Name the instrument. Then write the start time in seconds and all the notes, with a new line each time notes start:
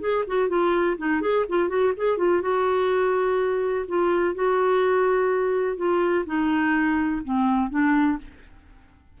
clarinet
0.00 G#4
0.27 F#4
0.48 F4
0.97 D#4
1.21 G#4
1.48 F4
1.68 F#4
1.97 G#4
2.17 F4
2.41 F#4
3.87 F4
4.34 F#4
5.76 F4
6.26 D#4
7.24 C4
7.70 D4